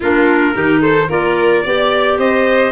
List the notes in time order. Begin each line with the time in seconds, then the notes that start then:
0.00 A#3 D4 F4 A#4
0.54 D#3 D#4 G4
0.81 A4 C5
1.08 A#3 F4 A#4 D5
1.63 B3 G4 D5
2.18 C4 C5 D#5